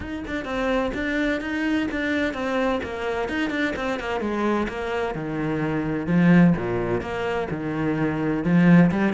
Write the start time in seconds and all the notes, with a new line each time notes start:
0.00 D#4
0.27 D4
0.45 C4
0.94 D4
1.40 D#4
1.91 D4
2.33 C4
2.83 A#3
3.29 D#4
3.50 D4
3.76 C4
3.99 A#3
4.20 G#3
4.68 A#3
5.14 D#3
6.06 F3
6.56 A#2
7.01 A#3
7.50 D#3
8.44 F3
8.91 G3